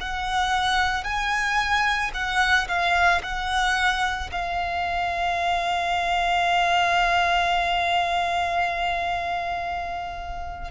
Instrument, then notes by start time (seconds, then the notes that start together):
violin
0.00 F#5
1.04 G#5
2.14 F#5
2.68 F5
3.23 F#5
4.31 F5